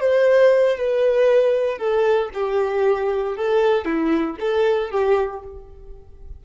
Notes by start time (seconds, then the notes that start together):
0.00 C5
0.77 B4
1.78 A4
2.33 G4
3.36 A4
3.85 E4
4.40 A4
4.91 G4